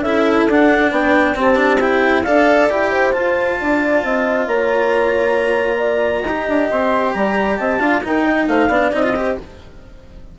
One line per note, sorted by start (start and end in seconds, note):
0.00 0.44 C#4
0.00 0.50 E4
0.00 0.91 A4
0.00 0.46 E5
0.48 0.91 D4
0.48 1.35 D4
0.48 0.93 F#5
0.91 1.36 B3
0.91 1.36 B4
0.91 1.37 G5
1.35 1.56 C4
1.35 2.25 C4
1.35 2.24 G4
1.41 1.80 A5
1.56 1.78 D4
1.80 2.25 E4
1.80 2.23 G5
2.23 2.71 D4
2.23 2.70 A4
2.23 2.91 D5
2.23 2.67 F5
2.70 3.15 E4
2.70 3.13 G4
2.70 3.13 G5
2.91 3.57 C5
3.13 6.24 F4
3.13 3.60 F4
3.13 4.46 A5
3.60 4.04 D4
3.60 4.04 D5
4.04 4.47 C4
4.04 4.48 D#5
4.47 6.24 A#3
4.47 5.78 C#5
4.47 6.70 A#5
5.78 6.22 D5
6.22 6.47 D#4
6.22 7.11 D#5
6.28 7.80 G4
6.48 6.70 D4
6.71 7.15 C4
6.71 7.14 C6
7.14 7.59 G3
7.14 7.58 D5
7.14 7.57 A#5
7.57 7.79 C4
7.57 7.80 D#5
7.57 8.01 A5
7.79 8.02 D4
7.79 8.02 F4
7.79 8.03 F5
8.04 8.70 D#4
8.04 8.47 D#4
8.04 8.24 A#4
8.04 8.47 G5
8.24 8.47 D#5
8.47 8.69 A3
8.47 8.69 C5
8.47 8.92 F5
8.69 8.91 B3
8.69 8.92 D4
8.69 9.13 D5
8.92 9.39 C4
8.92 9.03 D#4
8.92 9.38 D#5
9.03 9.15 F4
9.15 9.38 G4
9.15 9.38 C5